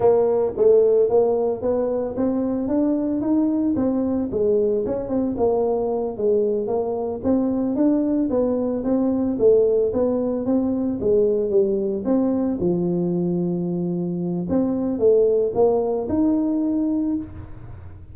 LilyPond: \new Staff \with { instrumentName = "tuba" } { \time 4/4 \tempo 4 = 112 ais4 a4 ais4 b4 | c'4 d'4 dis'4 c'4 | gis4 cis'8 c'8 ais4. gis8~ | gis8 ais4 c'4 d'4 b8~ |
b8 c'4 a4 b4 c'8~ | c'8 gis4 g4 c'4 f8~ | f2. c'4 | a4 ais4 dis'2 | }